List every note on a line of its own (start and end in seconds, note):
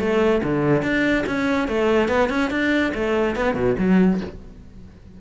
0.00 0.42 A3
0.44 0.83 D3
0.83 1.25 D4
1.27 1.68 C#4
1.68 2.09 A3
2.09 2.30 B3
2.30 2.51 C#4
2.51 2.93 D4
2.95 3.36 A3
3.36 3.55 B3
3.55 3.76 B2
3.79 4.21 F#3